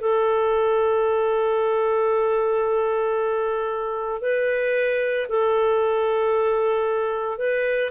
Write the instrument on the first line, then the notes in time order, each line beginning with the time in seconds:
clarinet
0.00 A4
4.22 B4
5.29 A4
7.38 B4